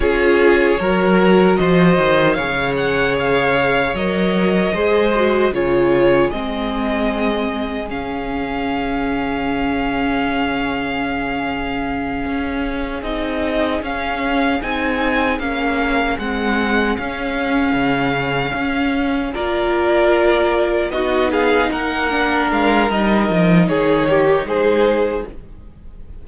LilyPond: <<
  \new Staff \with { instrumentName = "violin" } { \time 4/4 \tempo 4 = 76 cis''2 dis''4 f''8 fis''8 | f''4 dis''2 cis''4 | dis''2 f''2~ | f''1~ |
f''8 dis''4 f''4 gis''4 f''8~ | f''8 fis''4 f''2~ f''8~ | f''8 d''2 dis''8 f''8 fis''8~ | fis''8 f''8 dis''4 cis''4 c''4 | }
  \new Staff \with { instrumentName = "violin" } { \time 4/4 gis'4 ais'4 c''4 cis''4~ | cis''2 c''4 gis'4~ | gis'1~ | gis'1~ |
gis'1~ | gis'1~ | gis'8 ais'2 fis'8 gis'8 ais'8~ | ais'2 gis'8 g'8 gis'4 | }
  \new Staff \with { instrumentName = "viola" } { \time 4/4 f'4 fis'2 gis'4~ | gis'4 ais'4 gis'8 fis'8 f'4 | c'2 cis'2~ | cis'1~ |
cis'8 dis'4 cis'4 dis'4 cis'8~ | cis'8 c'4 cis'2~ cis'8~ | cis'8 f'2 dis'4. | d'4 dis'2. | }
  \new Staff \with { instrumentName = "cello" } { \time 4/4 cis'4 fis4 f8 dis8 cis4~ | cis4 fis4 gis4 cis4 | gis2 cis2~ | cis2.~ cis8 cis'8~ |
cis'8 c'4 cis'4 c'4 ais8~ | ais8 gis4 cis'4 cis4 cis'8~ | cis'8 ais2 b4 ais8~ | ais8 gis8 g8 f8 dis4 gis4 | }
>>